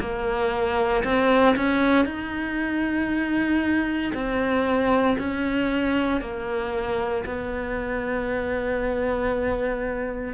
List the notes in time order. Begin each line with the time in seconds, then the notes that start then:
0.00 A#3
1.04 C4
1.56 C#4
2.05 D#4
4.14 C4
5.18 C#4
6.21 A#3
7.26 B3